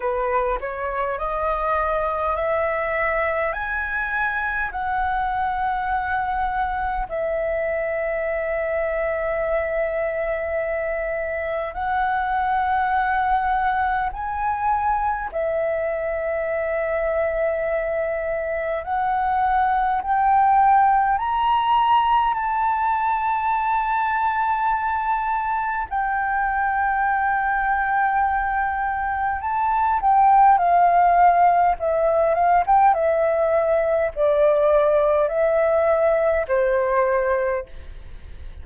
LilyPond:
\new Staff \with { instrumentName = "flute" } { \time 4/4 \tempo 4 = 51 b'8 cis''8 dis''4 e''4 gis''4 | fis''2 e''2~ | e''2 fis''2 | gis''4 e''2. |
fis''4 g''4 ais''4 a''4~ | a''2 g''2~ | g''4 a''8 g''8 f''4 e''8 f''16 g''16 | e''4 d''4 e''4 c''4 | }